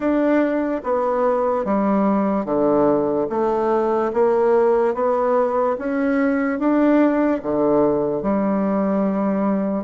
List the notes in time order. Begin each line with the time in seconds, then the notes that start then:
0.00 D4
0.83 B3
1.64 G3
2.45 D3
3.29 A3
4.13 A#3
4.94 B3
5.78 C#4
6.59 D4
7.42 D3
8.22 G3